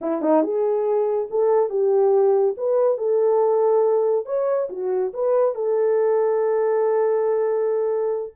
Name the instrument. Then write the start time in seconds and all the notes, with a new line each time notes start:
horn
0.01 E4
0.21 D#4
0.42 G#4
1.30 A4
1.69 G4
2.57 B4
2.97 A4
4.25 C#5
4.69 F#4
5.13 B4
5.55 A4